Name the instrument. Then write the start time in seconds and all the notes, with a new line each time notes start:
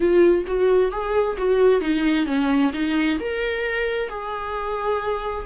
viola
0.00 F4
0.46 F#4
0.91 G#4
1.37 F#4
1.80 D#4
2.26 C#4
2.73 D#4
3.19 A#4
4.09 G#4